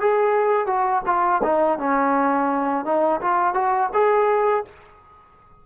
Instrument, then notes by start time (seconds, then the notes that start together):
trombone
0.00 G#4
0.67 F#4
1.06 F4
1.43 D#4
1.79 C#4
2.85 D#4
3.21 F4
3.54 F#4
3.93 G#4